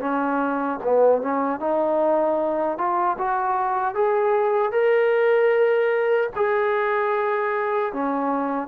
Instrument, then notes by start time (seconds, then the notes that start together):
trombone
0.00 C#4
0.83 B3
1.22 C#4
1.60 D#4
2.77 F4
3.18 F#4
3.94 G#4
4.72 A#4
6.36 G#4
7.93 C#4